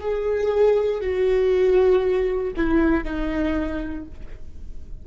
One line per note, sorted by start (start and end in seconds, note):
0.00 1.01 G#4
1.01 2.54 F#4
2.57 3.04 E4
3.04 4.06 D#4